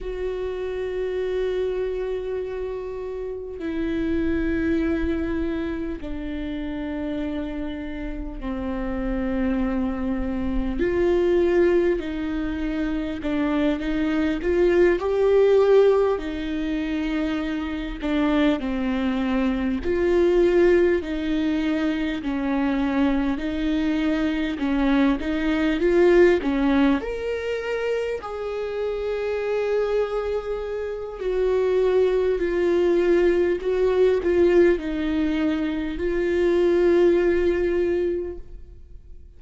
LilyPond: \new Staff \with { instrumentName = "viola" } { \time 4/4 \tempo 4 = 50 fis'2. e'4~ | e'4 d'2 c'4~ | c'4 f'4 dis'4 d'8 dis'8 | f'8 g'4 dis'4. d'8 c'8~ |
c'8 f'4 dis'4 cis'4 dis'8~ | dis'8 cis'8 dis'8 f'8 cis'8 ais'4 gis'8~ | gis'2 fis'4 f'4 | fis'8 f'8 dis'4 f'2 | }